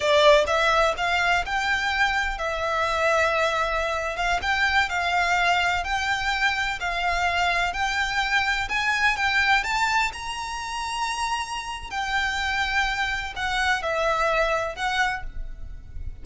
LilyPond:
\new Staff \with { instrumentName = "violin" } { \time 4/4 \tempo 4 = 126 d''4 e''4 f''4 g''4~ | g''4 e''2.~ | e''8. f''8 g''4 f''4.~ f''16~ | f''16 g''2 f''4.~ f''16~ |
f''16 g''2 gis''4 g''8.~ | g''16 a''4 ais''2~ ais''8.~ | ais''4 g''2. | fis''4 e''2 fis''4 | }